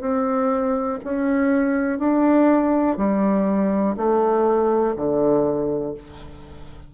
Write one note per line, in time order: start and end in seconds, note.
0.00 0.98 C4
1.03 1.98 C#4
1.98 2.96 D4
2.96 3.95 G3
3.96 4.94 A3
4.95 5.94 D3